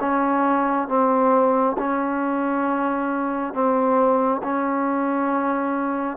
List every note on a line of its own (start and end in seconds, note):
0.00 0.88 C#4
0.88 1.76 C4
1.78 3.53 C#4
3.53 4.42 C4
4.43 6.17 C#4